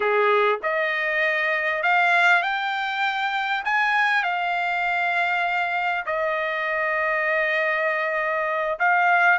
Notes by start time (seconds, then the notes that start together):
0.00 G#4
0.63 D#5
1.83 F5
2.42 G5
3.64 G#5
4.23 F5
6.06 D#5
8.79 F5